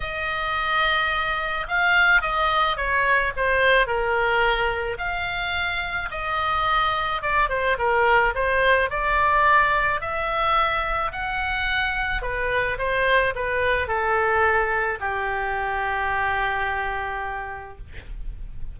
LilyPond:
\new Staff \with { instrumentName = "oboe" } { \time 4/4 \tempo 4 = 108 dis''2. f''4 | dis''4 cis''4 c''4 ais'4~ | ais'4 f''2 dis''4~ | dis''4 d''8 c''8 ais'4 c''4 |
d''2 e''2 | fis''2 b'4 c''4 | b'4 a'2 g'4~ | g'1 | }